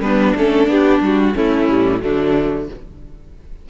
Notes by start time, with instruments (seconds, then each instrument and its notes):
0.00 cello G3, viola B3, violin D4 B4
0.35 cello A3, viola C#4, violin A4
0.67 cello B3, viola D4, violin G4
1.01 cello G3, violin F#4
1.34 viola A3, cello A3, violin C#4 E4
1.69 cello A2, viola G3
1.99 cello D3, viola F#3, violin A3 D4